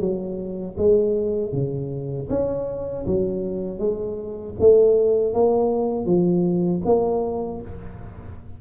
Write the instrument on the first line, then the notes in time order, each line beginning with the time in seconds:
tuba
0.00 F#3
0.78 G#3
1.53 C#3
2.30 C#4
3.07 F#3
3.79 G#3
4.60 A3
5.34 A#3
6.06 F3
6.85 A#3